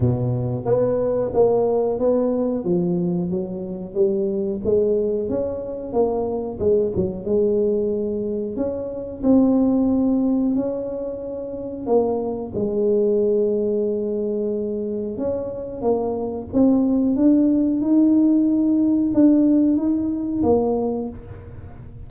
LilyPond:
\new Staff \with { instrumentName = "tuba" } { \time 4/4 \tempo 4 = 91 b,4 b4 ais4 b4 | f4 fis4 g4 gis4 | cis'4 ais4 gis8 fis8 gis4~ | gis4 cis'4 c'2 |
cis'2 ais4 gis4~ | gis2. cis'4 | ais4 c'4 d'4 dis'4~ | dis'4 d'4 dis'4 ais4 | }